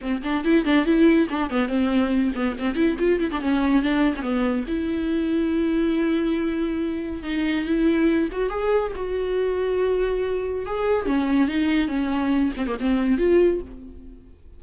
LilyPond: \new Staff \with { instrumentName = "viola" } { \time 4/4 \tempo 4 = 141 c'8 d'8 e'8 d'8 e'4 d'8 b8 | c'4. b8 c'8 e'8 f'8 e'16 d'16 | cis'4 d'8. cis'16 b4 e'4~ | e'1~ |
e'4 dis'4 e'4. fis'8 | gis'4 fis'2.~ | fis'4 gis'4 cis'4 dis'4 | cis'4. c'16 ais16 c'4 f'4 | }